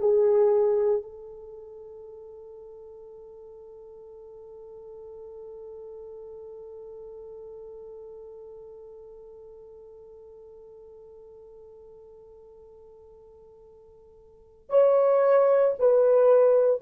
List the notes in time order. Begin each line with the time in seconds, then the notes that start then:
0.00 G#4
1.02 A4
14.70 C#5
15.79 B4